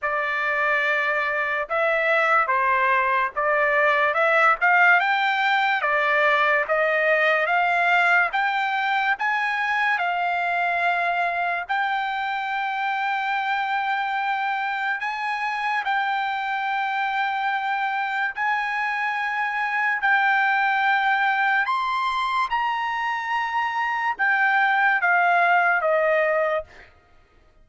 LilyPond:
\new Staff \with { instrumentName = "trumpet" } { \time 4/4 \tempo 4 = 72 d''2 e''4 c''4 | d''4 e''8 f''8 g''4 d''4 | dis''4 f''4 g''4 gis''4 | f''2 g''2~ |
g''2 gis''4 g''4~ | g''2 gis''2 | g''2 c'''4 ais''4~ | ais''4 g''4 f''4 dis''4 | }